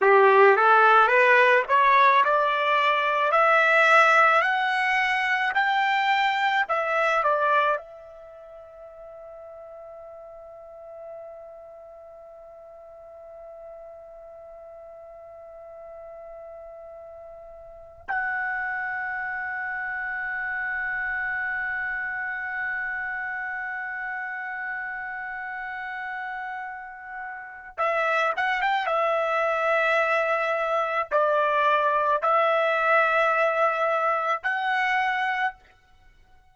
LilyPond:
\new Staff \with { instrumentName = "trumpet" } { \time 4/4 \tempo 4 = 54 g'8 a'8 b'8 cis''8 d''4 e''4 | fis''4 g''4 e''8 d''8 e''4~ | e''1~ | e''1~ |
e''16 fis''2.~ fis''8.~ | fis''1~ | fis''4 e''8 fis''16 g''16 e''2 | d''4 e''2 fis''4 | }